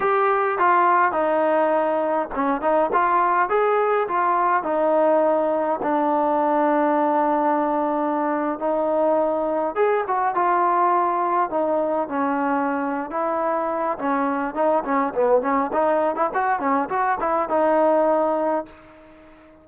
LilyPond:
\new Staff \with { instrumentName = "trombone" } { \time 4/4 \tempo 4 = 103 g'4 f'4 dis'2 | cis'8 dis'8 f'4 gis'4 f'4 | dis'2 d'2~ | d'2~ d'8. dis'4~ dis'16~ |
dis'8. gis'8 fis'8 f'2 dis'16~ | dis'8. cis'4.~ cis'16 e'4. | cis'4 dis'8 cis'8 b8 cis'8 dis'8. e'16 | fis'8 cis'8 fis'8 e'8 dis'2 | }